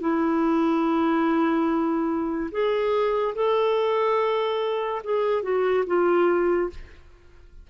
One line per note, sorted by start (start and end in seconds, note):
0.00 2.50 E4
2.51 3.34 G#4
3.35 5.02 A4
5.03 5.42 G#4
5.42 5.84 F#4
5.86 6.70 F4